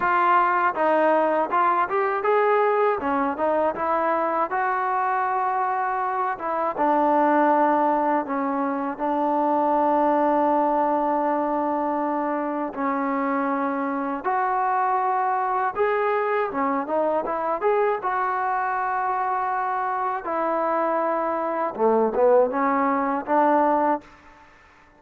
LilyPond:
\new Staff \with { instrumentName = "trombone" } { \time 4/4 \tempo 4 = 80 f'4 dis'4 f'8 g'8 gis'4 | cis'8 dis'8 e'4 fis'2~ | fis'8 e'8 d'2 cis'4 | d'1~ |
d'4 cis'2 fis'4~ | fis'4 gis'4 cis'8 dis'8 e'8 gis'8 | fis'2. e'4~ | e'4 a8 b8 cis'4 d'4 | }